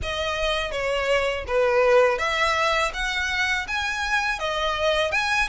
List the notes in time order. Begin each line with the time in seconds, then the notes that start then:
0.02 D#5
0.71 C#5
1.47 B4
2.18 E5
2.93 F#5
3.67 G#5
4.39 D#5
5.11 G#5